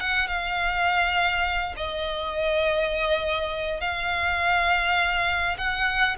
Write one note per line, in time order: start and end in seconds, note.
0.00 0.27 F#5
0.27 1.74 F5
1.76 3.80 D#5
3.80 5.57 F5
5.57 6.16 F#5